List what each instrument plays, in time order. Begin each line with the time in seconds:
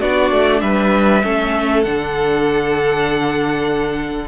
0.00 cello B3, viola D4, violin F#4 D5
0.31 cello A3
0.61 cello G3, violin B4 E5
1.23 cello A3, viola C#4, violin A4
1.82 cello D3, viola D4, violin F#5